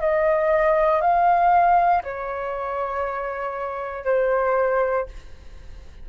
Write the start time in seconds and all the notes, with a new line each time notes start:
0.00 D#5
1.01 F5
2.03 C#5
4.04 C5